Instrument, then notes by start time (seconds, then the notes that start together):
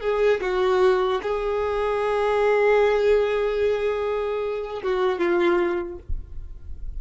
violin
0.00 G#4
0.40 F#4
1.22 G#4
4.83 F#4
5.18 F4